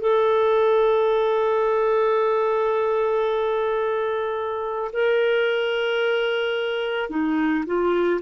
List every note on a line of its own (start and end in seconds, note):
0.00 4.91 A4
4.92 7.09 A#4
7.09 7.64 D#4
7.66 8.20 F4